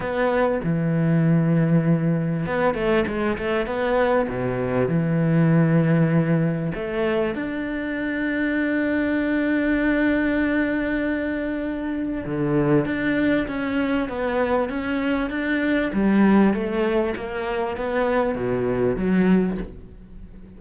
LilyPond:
\new Staff \with { instrumentName = "cello" } { \time 4/4 \tempo 4 = 98 b4 e2. | b8 a8 gis8 a8 b4 b,4 | e2. a4 | d'1~ |
d'1 | d4 d'4 cis'4 b4 | cis'4 d'4 g4 a4 | ais4 b4 b,4 fis4 | }